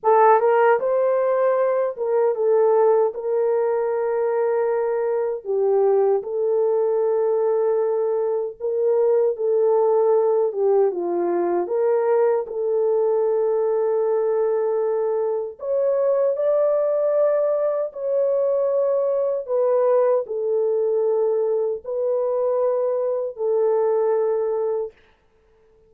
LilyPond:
\new Staff \with { instrumentName = "horn" } { \time 4/4 \tempo 4 = 77 a'8 ais'8 c''4. ais'8 a'4 | ais'2. g'4 | a'2. ais'4 | a'4. g'8 f'4 ais'4 |
a'1 | cis''4 d''2 cis''4~ | cis''4 b'4 a'2 | b'2 a'2 | }